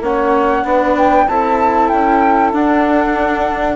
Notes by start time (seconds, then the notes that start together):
0.00 A#3 C#4 C#5 F#5
0.63 B3 D4 B4
0.97 G5
1.27 C4 E4 A4 A5
1.88 C#4 G5
2.52 D4 F#5